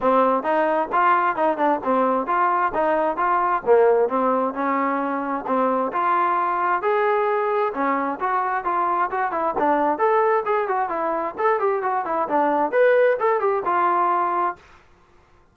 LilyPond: \new Staff \with { instrumentName = "trombone" } { \time 4/4 \tempo 4 = 132 c'4 dis'4 f'4 dis'8 d'8 | c'4 f'4 dis'4 f'4 | ais4 c'4 cis'2 | c'4 f'2 gis'4~ |
gis'4 cis'4 fis'4 f'4 | fis'8 e'8 d'4 a'4 gis'8 fis'8 | e'4 a'8 g'8 fis'8 e'8 d'4 | b'4 a'8 g'8 f'2 | }